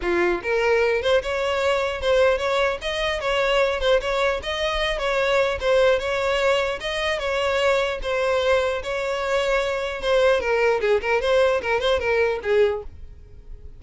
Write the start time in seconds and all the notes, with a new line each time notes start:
0.01 F4
0.42 A#4
1.02 C5
1.22 C#5
2.01 C5
2.38 C#5
2.81 D#5
3.20 C#5
3.80 C5
4.00 C#5
4.43 D#5
4.98 C#5
5.60 C5
5.99 C#5
6.80 D#5
7.19 C#5
8.02 C5
8.82 C#5
10.01 C5
10.40 A#4
10.81 G#4
11.01 A#4
11.21 C5
11.61 A#4
11.80 C5
11.99 A#4
12.42 G#4